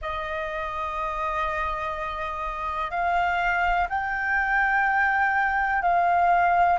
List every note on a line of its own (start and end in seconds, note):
0.01 2.90 D#5
2.90 3.87 F5
3.89 5.82 G5
5.82 6.78 F5